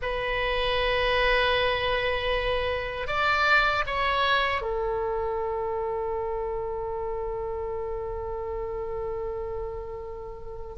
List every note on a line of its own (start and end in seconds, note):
0.01 3.07 B4
3.07 3.84 D5
3.86 4.61 C#5
4.61 10.77 A4